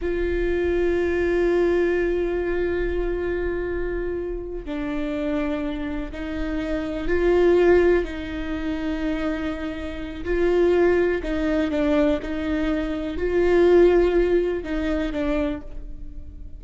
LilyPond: \new Staff \with { instrumentName = "viola" } { \time 4/4 \tempo 4 = 123 f'1~ | f'1~ | f'4. d'2~ d'8~ | d'8 dis'2 f'4.~ |
f'8 dis'2.~ dis'8~ | dis'4 f'2 dis'4 | d'4 dis'2 f'4~ | f'2 dis'4 d'4 | }